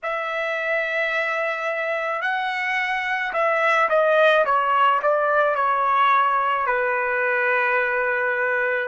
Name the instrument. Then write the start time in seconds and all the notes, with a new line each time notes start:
trumpet
0.03 E5
2.21 F#5
3.33 E5
3.89 D#5
4.45 C#5
5.02 D5
5.55 C#5
6.66 B4